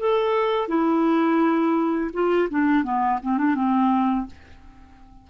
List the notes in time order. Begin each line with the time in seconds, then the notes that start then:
0.00 A4
0.69 E4
2.14 F4
2.51 D4
2.84 B3
3.23 C4
3.38 D4
3.55 C4